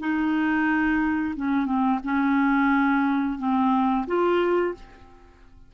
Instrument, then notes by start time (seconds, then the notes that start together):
clarinet
0.00 D#4
1.36 C#4
1.66 C4
2.04 C#4
3.39 C4
4.07 F4